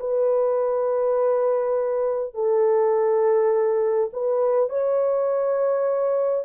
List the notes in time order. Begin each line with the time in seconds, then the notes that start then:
0.00 B4
2.35 A4
4.13 B4
4.70 C#5